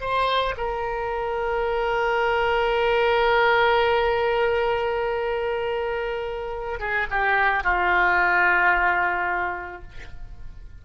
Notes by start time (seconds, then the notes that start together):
0.00 C5
0.57 A#4
6.79 G#4
7.10 G4
7.63 F4